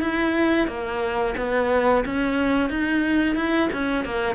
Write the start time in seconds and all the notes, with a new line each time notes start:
0.00 E4
0.67 A#3
1.37 B3
2.05 C#4
2.69 D#4
3.35 E4
3.72 C#4
4.04 A#3